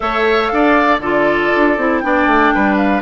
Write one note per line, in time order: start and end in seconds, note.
0.00 0.51 A3
0.00 1.00 A4
0.00 0.52 C#5
0.00 0.46 E5
0.46 0.99 D4
0.46 0.97 F5
0.53 1.01 D5
0.99 1.49 D3
0.99 1.78 F4
0.99 2.01 A4
0.99 1.99 D5
1.55 1.77 D4
1.77 2.02 C4
1.77 2.03 E4
1.99 2.26 B3
1.99 3.02 D4
1.99 2.75 G5
2.06 2.54 D5
2.26 2.51 A3
2.54 3.02 G3
2.54 3.02 B4
2.76 3.01 F5